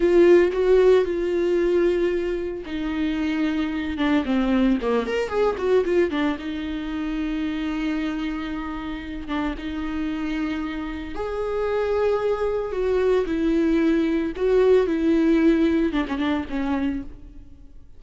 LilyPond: \new Staff \with { instrumentName = "viola" } { \time 4/4 \tempo 4 = 113 f'4 fis'4 f'2~ | f'4 dis'2~ dis'8 d'8 | c'4 ais8 ais'8 gis'8 fis'8 f'8 d'8 | dis'1~ |
dis'4. d'8 dis'2~ | dis'4 gis'2. | fis'4 e'2 fis'4 | e'2 d'16 cis'16 d'8 cis'4 | }